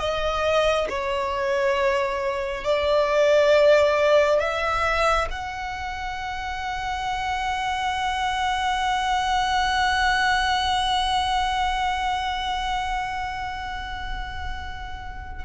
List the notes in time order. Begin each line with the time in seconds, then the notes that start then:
0.00 D#5
0.89 C#5
2.64 D5
4.40 E5
5.31 F#5